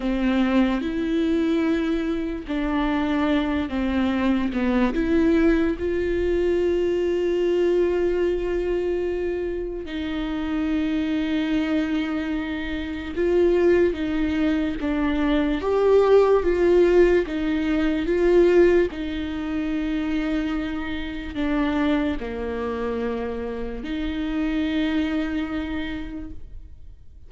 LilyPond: \new Staff \with { instrumentName = "viola" } { \time 4/4 \tempo 4 = 73 c'4 e'2 d'4~ | d'8 c'4 b8 e'4 f'4~ | f'1 | dis'1 |
f'4 dis'4 d'4 g'4 | f'4 dis'4 f'4 dis'4~ | dis'2 d'4 ais4~ | ais4 dis'2. | }